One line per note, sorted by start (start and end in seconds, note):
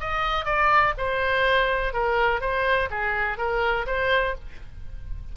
0.00 0.45 D#5
0.45 0.94 D5
0.98 1.93 C5
1.93 2.41 A#4
2.41 2.89 C5
2.90 3.38 G#4
3.38 3.86 A#4
3.86 4.35 C5